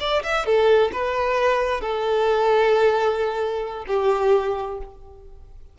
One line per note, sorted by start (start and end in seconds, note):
0.00 0.23 D5
0.23 0.45 E5
0.45 0.91 A4
0.92 1.81 B4
1.81 3.85 A4
3.87 4.78 G4